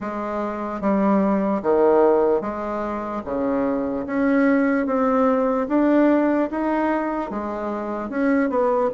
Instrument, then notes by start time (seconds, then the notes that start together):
bassoon
0.00 G#3
0.81 G3
1.62 D#3
2.41 G#3
3.24 C#3
4.06 C#4
4.86 C4
5.68 D4
6.50 D#4
7.30 G#3
8.09 C#4
8.49 B3